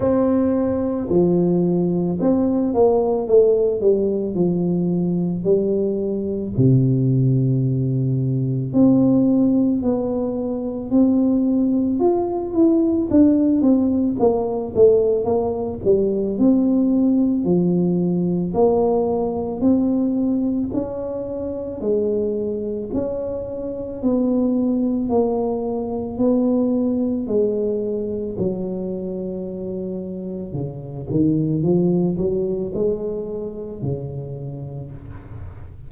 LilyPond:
\new Staff \with { instrumentName = "tuba" } { \time 4/4 \tempo 4 = 55 c'4 f4 c'8 ais8 a8 g8 | f4 g4 c2 | c'4 b4 c'4 f'8 e'8 | d'8 c'8 ais8 a8 ais8 g8 c'4 |
f4 ais4 c'4 cis'4 | gis4 cis'4 b4 ais4 | b4 gis4 fis2 | cis8 dis8 f8 fis8 gis4 cis4 | }